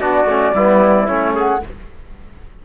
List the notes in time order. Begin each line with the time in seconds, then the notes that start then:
0.00 B3 D4 F#4 D5
0.25 A3 C#4
0.54 G3 B3 E4
1.06 A3 C#4 C#5
1.35 G#4 F#5